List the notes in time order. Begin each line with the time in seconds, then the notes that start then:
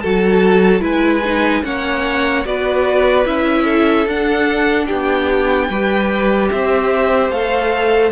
0.00 F#3 F#4 A4 A5
0.80 G#3 E4 B4 G#5
1.25 D#4
1.63 A#3 C#4 C#5 F#5
2.45 B3 F#4 B4 D5
3.26 C#4 E4 E5
3.64 A4
4.07 D4 F#5
4.86 B3 G4 G5
5.69 G3 G4 B4
6.51 C4 C5 E5
7.29 A3 A4 F5